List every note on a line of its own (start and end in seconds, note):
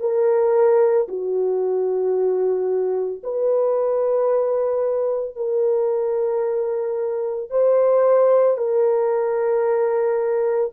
0.00 1.07 A#4
1.08 3.22 F#4
3.23 5.36 B4
5.36 7.50 A#4
7.50 8.57 C5
8.57 10.71 A#4